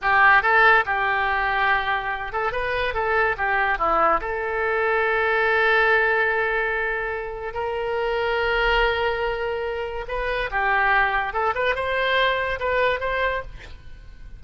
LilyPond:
\new Staff \with { instrumentName = "oboe" } { \time 4/4 \tempo 4 = 143 g'4 a'4 g'2~ | g'4. a'8 b'4 a'4 | g'4 e'4 a'2~ | a'1~ |
a'2 ais'2~ | ais'1 | b'4 g'2 a'8 b'8 | c''2 b'4 c''4 | }